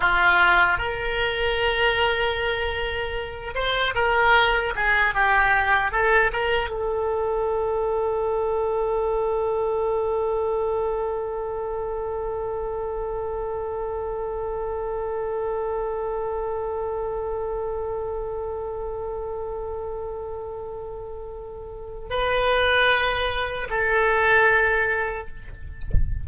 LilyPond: \new Staff \with { instrumentName = "oboe" } { \time 4/4 \tempo 4 = 76 f'4 ais'2.~ | ais'8 c''8 ais'4 gis'8 g'4 a'8 | ais'8 a'2.~ a'8~ | a'1~ |
a'1~ | a'1~ | a'1 | b'2 a'2 | }